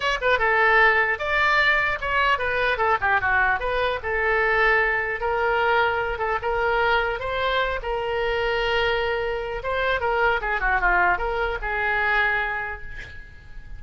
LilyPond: \new Staff \with { instrumentName = "oboe" } { \time 4/4 \tempo 4 = 150 cis''8 b'8 a'2 d''4~ | d''4 cis''4 b'4 a'8 g'8 | fis'4 b'4 a'2~ | a'4 ais'2~ ais'8 a'8 |
ais'2 c''4. ais'8~ | ais'1 | c''4 ais'4 gis'8 fis'8 f'4 | ais'4 gis'2. | }